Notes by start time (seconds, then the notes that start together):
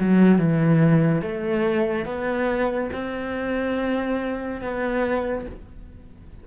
0.00 F#3
0.38 E3
1.21 A3
2.05 B3
2.92 C4
4.61 B3